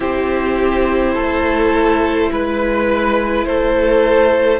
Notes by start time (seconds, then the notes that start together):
0.00 C4 E4 G4 C5
1.14 A3 A4
2.31 G#3 B4
3.45 A3 A4 C5